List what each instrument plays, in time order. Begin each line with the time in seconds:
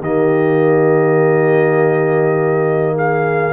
0.00 tuba D#3, trombone A#3, horn G4, trumpet D#5
2.95 horn G#4, trumpet F5